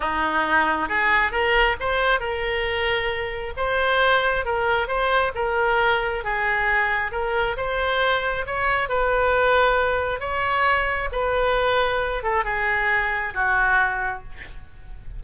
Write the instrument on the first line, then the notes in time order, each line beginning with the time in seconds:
oboe
0.00 D#4
0.88 G#4
1.31 A#4
1.80 C5
2.20 A#4
3.56 C5
4.45 A#4
4.87 C5
5.35 A#4
6.23 G#4
7.11 A#4
7.57 C5
8.46 C#5
8.88 B4
10.20 C#5
11.12 B4
12.23 A4
12.44 G#4
13.34 F#4